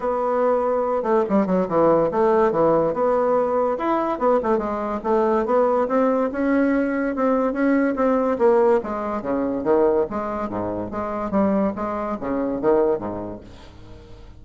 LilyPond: \new Staff \with { instrumentName = "bassoon" } { \time 4/4 \tempo 4 = 143 b2~ b8 a8 g8 fis8 | e4 a4 e4 b4~ | b4 e'4 b8 a8 gis4 | a4 b4 c'4 cis'4~ |
cis'4 c'4 cis'4 c'4 | ais4 gis4 cis4 dis4 | gis4 gis,4 gis4 g4 | gis4 cis4 dis4 gis,4 | }